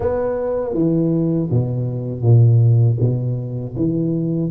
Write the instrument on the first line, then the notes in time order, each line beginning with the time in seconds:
tuba
0.00 B3
0.73 E3
1.50 B2
2.22 A#2
3.00 B2
3.76 E3